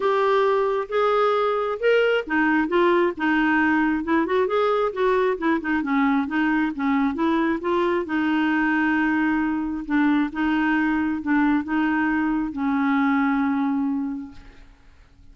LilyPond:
\new Staff \with { instrumentName = "clarinet" } { \time 4/4 \tempo 4 = 134 g'2 gis'2 | ais'4 dis'4 f'4 dis'4~ | dis'4 e'8 fis'8 gis'4 fis'4 | e'8 dis'8 cis'4 dis'4 cis'4 |
e'4 f'4 dis'2~ | dis'2 d'4 dis'4~ | dis'4 d'4 dis'2 | cis'1 | }